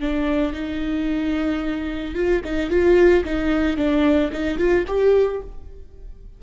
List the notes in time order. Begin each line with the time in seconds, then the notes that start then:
0.00 D4
0.53 D#4
2.15 F4
2.44 D#4
2.70 F4
3.24 D#4
3.77 D4
4.33 D#4
4.58 F4
4.87 G4